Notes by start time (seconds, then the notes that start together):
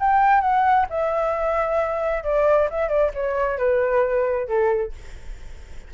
0.00 G5
0.41 F#5
0.90 E5
2.24 D5
2.70 E5
2.89 D5
3.14 C#5
3.59 B4
4.48 A4